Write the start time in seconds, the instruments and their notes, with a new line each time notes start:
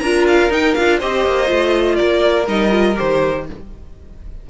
0.00 cello D4, viola F4, violin A#4 A#5
0.28 violin F5
0.50 cello D#4, viola D#4, violin G5
0.75 cello D4, viola F4, violin F5
0.98 cello C4, viola G4, violin C5 D#5
1.26 cello A#3
1.47 cello A3, viola F4
1.96 cello A#3, violin A#4 D5
2.47 cello G3, viola D#4, violin D#5
2.71 viola F4
2.96 cello D#3, viola G4, violin C5